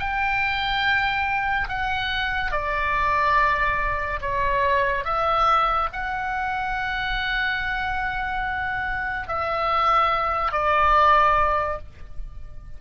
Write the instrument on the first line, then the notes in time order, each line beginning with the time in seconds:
oboe
0.00 G5
1.69 F#5
2.52 D5
4.21 C#5
5.05 E5
5.93 F#5
9.28 E5
10.52 D5